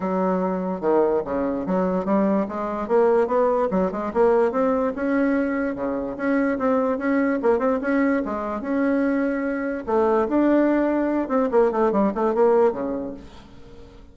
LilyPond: \new Staff \with { instrumentName = "bassoon" } { \time 4/4 \tempo 4 = 146 fis2 dis4 cis4 | fis4 g4 gis4 ais4 | b4 fis8 gis8 ais4 c'4 | cis'2 cis4 cis'4 |
c'4 cis'4 ais8 c'8 cis'4 | gis4 cis'2. | a4 d'2~ d'8 c'8 | ais8 a8 g8 a8 ais4 cis4 | }